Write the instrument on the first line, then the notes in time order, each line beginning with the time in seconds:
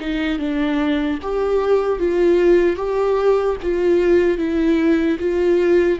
viola
0.00 D#4
0.39 D4
1.22 G4
1.99 F4
2.76 G4
3.63 F4
4.38 E4
5.20 F4